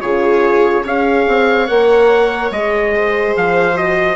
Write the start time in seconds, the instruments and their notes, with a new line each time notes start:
0.00 bassoon C#3, horn F4, viola G#4, trumpet C#5
0.84 bassoon C#4, horn G#4, viola C#5, trumpet F5
1.27 bassoon C4
1.67 bassoon A#3, horn A#4, trumpet F#5
2.50 bassoon G#3, horn G#4, trumpet D#5
2.95 viola C5
3.36 bassoon F3, trumpet F5
3.74 horn F#4, trumpet D#5